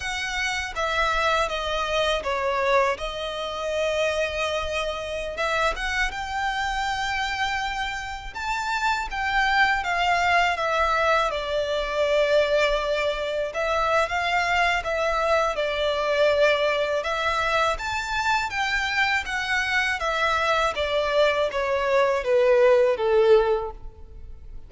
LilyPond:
\new Staff \with { instrumentName = "violin" } { \time 4/4 \tempo 4 = 81 fis''4 e''4 dis''4 cis''4 | dis''2.~ dis''16 e''8 fis''16~ | fis''16 g''2. a''8.~ | a''16 g''4 f''4 e''4 d''8.~ |
d''2~ d''16 e''8. f''4 | e''4 d''2 e''4 | a''4 g''4 fis''4 e''4 | d''4 cis''4 b'4 a'4 | }